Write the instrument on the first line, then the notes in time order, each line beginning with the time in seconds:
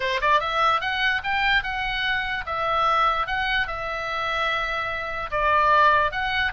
oboe
0.00 C5
0.21 D5
0.40 E5
0.80 F#5
1.23 G5
1.63 F#5
2.46 E5
3.26 F#5
3.67 E5
5.30 D5
6.11 F#5